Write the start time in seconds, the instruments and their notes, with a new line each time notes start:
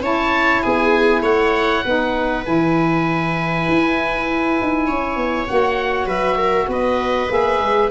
0.00 tuba C#4, saxophone E4, viola C#5, oboe A5
0.61 tuba B3, viola G#4, oboe G#5
1.22 tuba A3, viola C#5, oboe F#5
1.83 tuba B3, saxophone D#4, viola B4
2.44 tuba E3, saxophone E4, oboe G#5
3.68 tuba E4
4.61 tuba D#4
4.86 tuba C#4, viola C#5
5.16 tuba B3
5.47 tuba A#3, saxophone F#4, oboe F#5
6.06 tuba F#3, viola B4, oboe E5
6.37 viola A#4
6.67 tuba B3, viola B4, oboe D#5
7.28 tuba A#3, saxophone G#4, oboe E5
7.60 tuba G#3